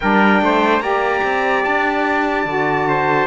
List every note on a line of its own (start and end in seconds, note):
0.00 0.41 G3
0.00 0.82 D4
0.00 0.42 A#4
0.00 0.80 G5
0.41 0.79 A3
0.41 0.83 C5
0.79 1.21 A#3
0.79 2.46 G4
0.79 2.88 D5
0.79 1.62 A#5
1.23 1.64 C4
1.64 2.45 D4
1.64 3.26 A5
2.45 3.26 D3
2.45 3.26 F#4
2.88 3.26 C5